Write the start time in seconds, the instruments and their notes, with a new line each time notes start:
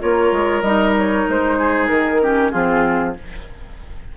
0.00 bassoon A#3, clarinet F4, oboe A#4, flute C#5
0.31 bassoon G#3
0.62 bassoon G3, clarinet D#4, flute D#5
0.97 flute C#5
1.28 bassoon G#3, flute C5
1.58 oboe G#4
1.86 bassoon D#3, flute A#4
2.22 clarinet C#4, oboe G4
2.50 bassoon F3, clarinet C4, oboe F4, flute G#4